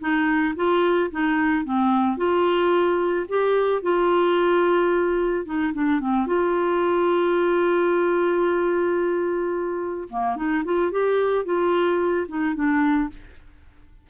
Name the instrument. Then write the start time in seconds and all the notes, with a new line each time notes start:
clarinet
0.00 D#4
0.56 F4
1.11 D#4
1.64 C4
2.17 F4
3.28 G4
3.82 F4
5.45 D#4
5.73 D4
6.00 C4
6.26 F4
10.09 A#3
10.36 D#4
10.65 F4
10.91 G4
11.45 F4
12.28 D#4
12.55 D4